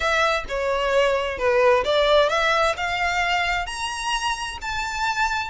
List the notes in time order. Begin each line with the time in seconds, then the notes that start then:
0.00 E5
0.48 C#5
1.38 B4
1.84 D5
2.29 E5
2.76 F5
3.66 A#5
4.61 A5